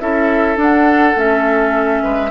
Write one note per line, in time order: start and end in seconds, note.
0.00 0.57 C#4
0.00 0.57 E4
0.00 2.04 A4
0.00 0.58 E5
0.57 1.15 D4
0.57 1.19 F#5
1.16 2.03 A3
1.16 2.31 C#4
1.16 2.31 E5
2.04 2.31 G#3
2.04 2.31 B4